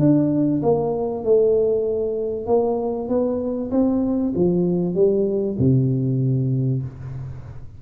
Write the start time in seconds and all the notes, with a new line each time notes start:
0.00 D4
0.63 A#3
1.25 A3
2.47 A#3
3.09 B3
3.71 C4
4.36 F3
4.95 G3
5.59 C3